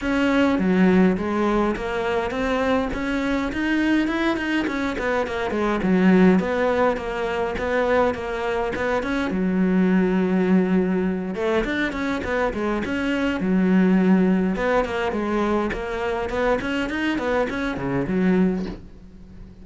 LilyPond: \new Staff \with { instrumentName = "cello" } { \time 4/4 \tempo 4 = 103 cis'4 fis4 gis4 ais4 | c'4 cis'4 dis'4 e'8 dis'8 | cis'8 b8 ais8 gis8 fis4 b4 | ais4 b4 ais4 b8 cis'8 |
fis2.~ fis8 a8 | d'8 cis'8 b8 gis8 cis'4 fis4~ | fis4 b8 ais8 gis4 ais4 | b8 cis'8 dis'8 b8 cis'8 cis8 fis4 | }